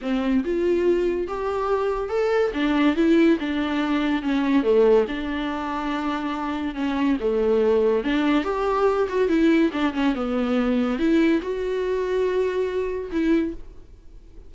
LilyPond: \new Staff \with { instrumentName = "viola" } { \time 4/4 \tempo 4 = 142 c'4 f'2 g'4~ | g'4 a'4 d'4 e'4 | d'2 cis'4 a4 | d'1 |
cis'4 a2 d'4 | g'4. fis'8 e'4 d'8 cis'8 | b2 e'4 fis'4~ | fis'2. e'4 | }